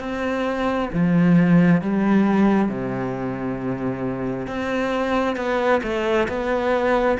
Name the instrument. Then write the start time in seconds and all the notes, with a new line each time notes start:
cello
0.00 C4
0.93 F3
1.82 G3
2.69 C3
4.47 C4
5.36 B3
5.83 A3
6.28 B3